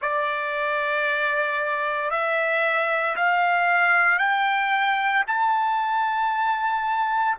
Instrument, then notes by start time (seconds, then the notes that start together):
trumpet
0.01 D5
2.10 E5
3.16 F5
4.18 G5
5.27 A5